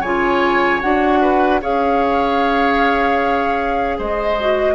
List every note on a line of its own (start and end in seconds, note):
0.00 0.80 C#3
0.00 0.81 F4
0.00 1.18 C#5
0.00 0.80 G#5
0.81 1.62 D4
0.81 1.60 F#4
0.81 1.60 F#5
1.21 1.60 B4
1.62 3.99 C#4
1.62 4.38 G#4
1.62 3.98 C#5
1.62 3.99 F5
3.98 4.74 G#3
3.98 4.74 C5
3.98 4.74 D#5
4.40 4.74 F#4